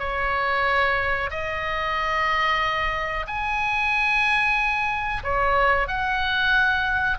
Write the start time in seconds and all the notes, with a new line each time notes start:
0.00 C#5
1.31 D#5
3.28 G#5
5.24 C#5
5.88 F#5